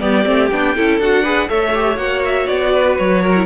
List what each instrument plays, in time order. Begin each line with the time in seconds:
0.00 cello G3, viola B3, violin G4 D5
0.24 cello A3, viola C4
0.49 cello B3, viola D4, violin G5
0.75 cello C#4, viola E4, violin A4
0.99 cello D4, viola F#4, violin F#5
1.23 viola G#4, violin B4
1.48 cello A3, viola A4, violin C#5 E5
1.74 viola G4
1.96 cello A#3, viola F#4, violin F#5
2.24 violin E5
2.47 cello B3, violin D5
2.73 violin B4
2.97 cello F#3, violin C#5
3.22 violin A#4
3.35 viola E4